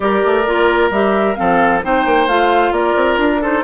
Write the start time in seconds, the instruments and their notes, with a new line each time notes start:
0.00 bassoon G3, clarinet G4, oboe A#4, flute D5
0.24 bassoon A3
0.46 bassoon A#3, clarinet F4
0.90 bassoon G3, clarinet G4, flute E5
1.35 bassoon F3, clarinet C4, oboe A4, flute F5
1.83 bassoon C4, clarinet D#4, oboe C5, flute G5
2.05 bassoon A#3
2.27 bassoon A3, clarinet F4, flute F5
2.71 bassoon A#3, oboe A#4, flute D5
2.95 bassoon C4
3.17 bassoon D4, flute A#4
3.41 clarinet D#4, oboe A4, flute C5